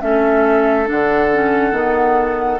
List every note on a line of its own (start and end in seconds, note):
0.00 0.89 A3
0.00 0.86 C#4
0.00 2.60 A4
0.00 0.87 E5
0.86 1.72 D3
0.86 1.29 D4
0.86 2.60 F#5
1.33 1.71 C#4
1.71 2.59 D#3
1.71 2.58 B3